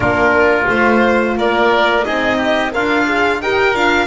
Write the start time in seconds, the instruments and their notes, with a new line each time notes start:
0.00 double bass A#3, horn D4, oboe F4, violin A#4
0.68 double bass A3, horn F4, violin C5
1.37 double bass A#3, oboe A#4, violin D5
2.04 double bass C4, horn D#4, oboe G#4, violin D#5
2.37 oboe G4
2.71 double bass D4, oboe F4, horn A#4, violin F5
3.05 horn G#4
3.41 double bass D#4, horn G4, oboe A#4, violin G5
3.74 double bass D4, horn F4, violin F5